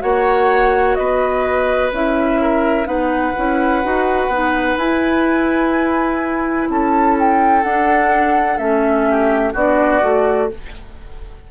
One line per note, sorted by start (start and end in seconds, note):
0.00 0.98 A#3
0.00 1.90 F#4
0.00 0.97 C#5
0.00 0.95 F#5
0.95 1.92 B3
0.95 2.41 B4
0.95 1.90 D#5
1.92 2.86 C#4
1.92 2.85 E4
1.92 2.87 E5
2.41 2.87 A#4
2.85 3.34 B3
2.85 3.33 D#4
2.85 6.68 B4
2.85 4.77 F#5
3.36 3.84 C#4
3.36 3.83 E4
3.83 4.28 D#4
3.83 4.31 F#4
4.28 4.75 B3
4.28 4.79 D#4
4.77 6.67 E4
4.77 7.64 E4
4.77 6.68 G#5
6.69 7.64 C#4
6.69 9.10 A4
6.69 7.17 A5
7.19 7.63 G5
7.63 8.58 D4
7.63 8.59 D4
7.63 8.58 F#5
8.58 9.53 A3
8.58 9.54 C#4
8.58 9.53 E5
9.10 9.53 G4
9.53 10.02 B3
9.53 10.02 D4
9.53 10.48 F#4
9.53 10.51 D5
10.02 10.50 A3
10.02 10.49 F#4